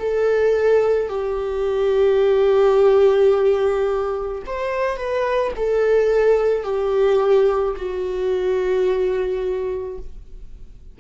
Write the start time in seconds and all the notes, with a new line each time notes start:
0.00 A4
1.09 G4
4.46 C5
4.97 B4
5.57 A4
6.64 G4
7.77 F#4